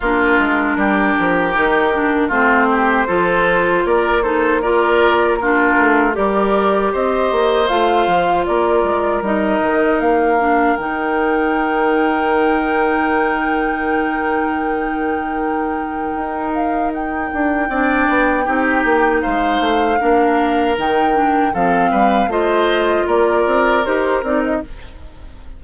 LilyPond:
<<
  \new Staff \with { instrumentName = "flute" } { \time 4/4 \tempo 4 = 78 ais'2. c''4~ | c''4 d''8 c''8 d''4 ais'4 | d''4 dis''4 f''4 d''4 | dis''4 f''4 g''2~ |
g''1~ | g''4. f''8 g''2~ | g''4 f''2 g''4 | f''4 dis''4 d''4 c''8 d''16 dis''16 | }
  \new Staff \with { instrumentName = "oboe" } { \time 4/4 f'4 g'2 f'8 g'8 | a'4 ais'8 a'8 ais'4 f'4 | ais'4 c''2 ais'4~ | ais'1~ |
ais'1~ | ais'2. d''4 | g'4 c''4 ais'2 | a'8 b'8 c''4 ais'2 | }
  \new Staff \with { instrumentName = "clarinet" } { \time 4/4 d'2 dis'8 d'8 c'4 | f'4. dis'8 f'4 d'4 | g'2 f'2 | dis'4. d'8 dis'2~ |
dis'1~ | dis'2. d'4 | dis'2 d'4 dis'8 d'8 | c'4 f'2 g'8 dis'8 | }
  \new Staff \with { instrumentName = "bassoon" } { \time 4/4 ais8 gis8 g8 f8 dis4 a4 | f4 ais2~ ais8 a8 | g4 c'8 ais8 a8 f8 ais8 gis8 | g8 dis8 ais4 dis2~ |
dis1~ | dis4 dis'4. d'8 c'8 b8 | c'8 ais8 gis8 a8 ais4 dis4 | f8 g8 a4 ais8 c'8 dis'8 c'8 | }
>>